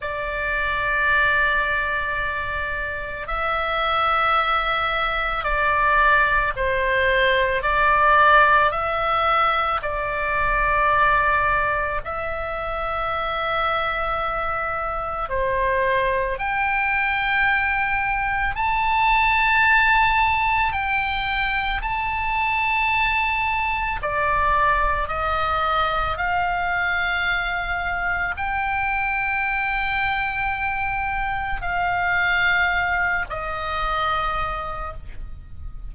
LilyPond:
\new Staff \with { instrumentName = "oboe" } { \time 4/4 \tempo 4 = 55 d''2. e''4~ | e''4 d''4 c''4 d''4 | e''4 d''2 e''4~ | e''2 c''4 g''4~ |
g''4 a''2 g''4 | a''2 d''4 dis''4 | f''2 g''2~ | g''4 f''4. dis''4. | }